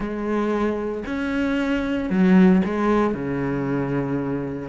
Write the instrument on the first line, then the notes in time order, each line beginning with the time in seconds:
cello
0.00 G#3
1.06 C#4
2.09 F#3
2.64 G#3
3.14 C#3